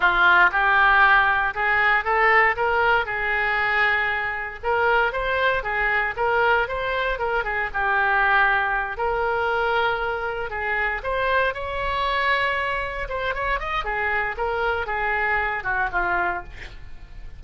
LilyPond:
\new Staff \with { instrumentName = "oboe" } { \time 4/4 \tempo 4 = 117 f'4 g'2 gis'4 | a'4 ais'4 gis'2~ | gis'4 ais'4 c''4 gis'4 | ais'4 c''4 ais'8 gis'8 g'4~ |
g'4. ais'2~ ais'8~ | ais'8 gis'4 c''4 cis''4.~ | cis''4. c''8 cis''8 dis''8 gis'4 | ais'4 gis'4. fis'8 f'4 | }